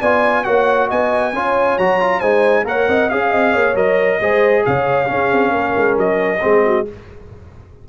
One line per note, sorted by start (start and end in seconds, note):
0.00 0.46 B3
0.00 0.45 F4
0.00 0.44 D5
0.00 0.44 G#5
0.44 0.91 A#3
0.44 1.33 F#4
0.44 0.88 C#5
0.44 0.88 F#5
0.88 1.33 B3
0.88 1.33 D#5
0.88 1.78 G#5
1.33 1.78 C#4
1.33 1.80 F4
1.33 2.20 C#5
1.78 2.22 F#3
1.78 2.00 F#4
1.78 2.20 A#5
2.00 2.22 F4
2.20 2.65 G#3
2.20 2.65 D#4
2.20 2.64 C5
2.20 2.64 G#5
2.65 2.87 A#3
2.65 3.09 A#4
2.65 2.89 C#5
2.65 3.10 F#5
2.88 3.10 C4
2.88 3.11 D#5
3.10 3.33 C#4
3.10 3.75 G#4
3.10 3.76 F5
3.10 3.31 F5
3.31 3.55 C4
3.31 3.53 D#5
3.53 3.75 A#3
3.53 4.19 C#5
3.75 4.19 F#3
3.75 4.19 A#4
3.75 4.65 D#5
4.20 4.65 G#3
4.20 5.07 G#4
4.20 4.65 C5
4.66 5.10 C#3
4.66 5.11 C#5
4.66 5.98 F5
5.07 6.39 C#4
5.07 5.32 C#4
5.07 5.52 G#4
5.32 5.52 C4
5.52 5.74 A#3
5.52 6.41 A#4
5.77 5.97 G#3
5.97 6.41 F#3
5.97 6.87 D#5
6.41 6.89 G#3
6.41 6.85 C4
6.41 6.64 G#4
6.66 6.88 F#4